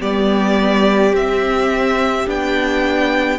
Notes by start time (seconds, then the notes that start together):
0.00 G3 B3 G4 D5
1.13 C4 E5
2.26 B3 D4 G5